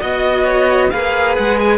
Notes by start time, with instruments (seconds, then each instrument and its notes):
0.00 cello B3 F#4, violin D#5
0.44 violin C#5
0.90 cello A#3 G#4, violin B4 F5
1.35 cello G#3, violin F#5
1.58 violin G#5